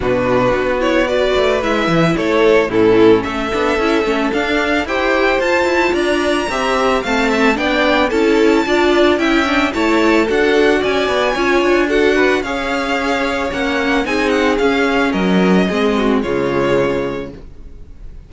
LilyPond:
<<
  \new Staff \with { instrumentName = "violin" } { \time 4/4 \tempo 4 = 111 b'4. cis''8 d''4 e''4 | cis''4 a'4 e''2 | f''4 g''4 a''4 ais''4~ | ais''4 a''4 g''4 a''4~ |
a''4 g''4 a''4 fis''4 | gis''2 fis''4 f''4~ | f''4 fis''4 gis''8 fis''8 f''4 | dis''2 cis''2 | }
  \new Staff \with { instrumentName = "violin" } { \time 4/4 fis'2 b'2 | a'4 e'4 a'2~ | a'4 c''2 d''4 | e''4 f''8 e''8 d''4 a'4 |
d''4 e''4 cis''4 a'4 | d''4 cis''4 a'8 b'8 cis''4~ | cis''2 gis'2 | ais'4 gis'8 fis'8 f'2 | }
  \new Staff \with { instrumentName = "viola" } { \time 4/4 d'4. e'8 fis'4 e'4~ | e'4 cis'4. d'8 e'8 cis'8 | d'4 g'4 f'2 | g'4 c'4 d'4 e'4 |
f'4 e'8 d'8 e'4 fis'4~ | fis'4 f'4 fis'4 gis'4~ | gis'4 cis'4 dis'4 cis'4~ | cis'4 c'4 gis2 | }
  \new Staff \with { instrumentName = "cello" } { \time 4/4 b,4 b4. a8 gis8 e8 | a4 a,4 a8 b8 cis'8 a8 | d'4 e'4 f'8 e'8 d'4 | c'4 a4 b4 cis'4 |
d'4 cis'4 a4 d'4 | cis'8 b8 cis'8 d'4. cis'4~ | cis'4 ais4 c'4 cis'4 | fis4 gis4 cis2 | }
>>